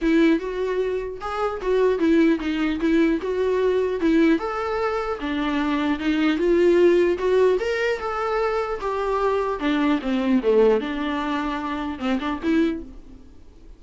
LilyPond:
\new Staff \with { instrumentName = "viola" } { \time 4/4 \tempo 4 = 150 e'4 fis'2 gis'4 | fis'4 e'4 dis'4 e'4 | fis'2 e'4 a'4~ | a'4 d'2 dis'4 |
f'2 fis'4 ais'4 | a'2 g'2 | d'4 c'4 a4 d'4~ | d'2 c'8 d'8 e'4 | }